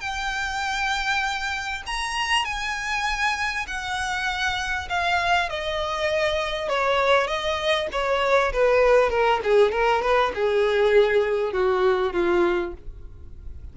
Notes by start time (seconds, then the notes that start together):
0.00 G5
1.86 A#5
2.45 G#5
3.67 F#5
4.89 F5
5.49 D#5
6.69 C#5
7.27 D#5
7.91 C#5
8.52 B4
9.10 A#4
9.44 G#4
9.71 A#4
10.01 B4
10.34 G#4
11.53 F#4
12.12 F4